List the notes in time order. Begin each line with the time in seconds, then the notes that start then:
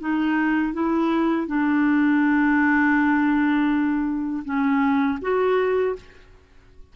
0.00 D#4
0.73 E4
1.47 D4
4.44 C#4
5.21 F#4